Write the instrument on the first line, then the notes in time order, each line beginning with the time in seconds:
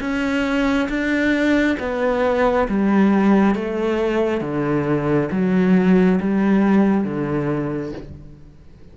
cello
0.00 C#4
0.89 D4
1.79 B3
2.68 G3
3.55 A3
4.40 D3
5.31 F#3
6.20 G3
7.04 D3